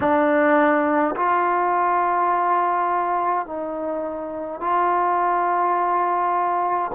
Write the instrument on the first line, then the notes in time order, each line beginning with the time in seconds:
trombone
0.00 D4
1.15 F4
3.46 D#4
4.60 F4